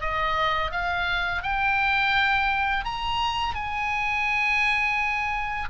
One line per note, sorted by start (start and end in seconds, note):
0.00 0.71 D#5
0.71 1.42 F5
1.42 2.84 G5
2.84 3.54 A#5
3.54 5.69 G#5